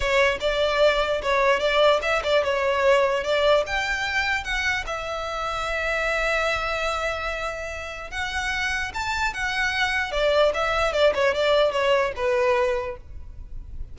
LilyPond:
\new Staff \with { instrumentName = "violin" } { \time 4/4 \tempo 4 = 148 cis''4 d''2 cis''4 | d''4 e''8 d''8 cis''2 | d''4 g''2 fis''4 | e''1~ |
e''1 | fis''2 a''4 fis''4~ | fis''4 d''4 e''4 d''8 cis''8 | d''4 cis''4 b'2 | }